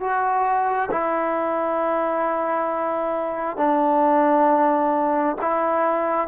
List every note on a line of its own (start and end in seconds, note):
0.00 0.90 F#4
0.91 3.57 E4
3.57 5.36 D4
5.41 6.28 E4